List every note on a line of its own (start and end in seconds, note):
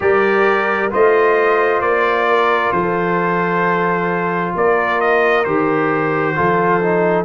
0.00 0.91 G3
0.00 0.89 G4
0.00 0.91 A#4
0.00 0.92 D5
0.90 1.80 A3
0.90 5.45 F4
0.90 2.28 C5
0.90 1.81 D#5
1.80 2.71 A#3
1.80 2.71 D5
2.28 2.72 A#4
2.71 4.54 F3
2.71 4.54 A4
2.71 4.53 C5
4.55 5.45 A#3
4.55 6.36 A#4
4.55 5.01 D5
5.01 5.44 D#5
5.44 6.36 D#3
5.44 6.35 G4
5.44 7.24 C5
6.35 7.24 F3
6.35 6.81 F4
6.35 7.24 A4
6.81 7.24 D#4